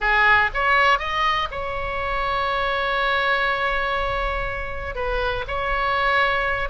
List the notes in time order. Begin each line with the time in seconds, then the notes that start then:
0.00 G#4
0.53 C#5
0.98 D#5
1.51 C#5
4.95 B4
5.47 C#5